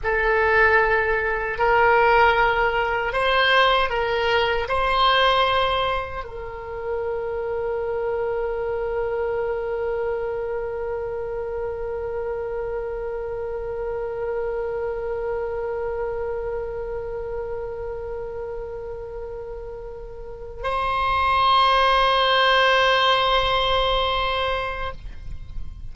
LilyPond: \new Staff \with { instrumentName = "oboe" } { \time 4/4 \tempo 4 = 77 a'2 ais'2 | c''4 ais'4 c''2 | ais'1~ | ais'1~ |
ais'1~ | ais'1~ | ais'2~ ais'8 c''4.~ | c''1 | }